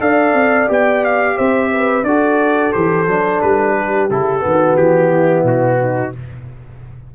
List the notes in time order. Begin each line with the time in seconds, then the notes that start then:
0.00 D4 A4 D5 F5
0.33 C4
0.67 B3 G4 G5
1.04 F5
1.36 C4 C5 E5
1.72 B4
2.03 D4 F#4 A4 D5
2.72 E3 G4 C5
3.06 F#3 D4
3.41 G3 B4
3.77 G4
4.10 C#3 E4 A4
4.39 D#3 B3
4.46 F#4
4.76 E3 G4
5.11 E4
5.43 B2 F#4
5.81 D#4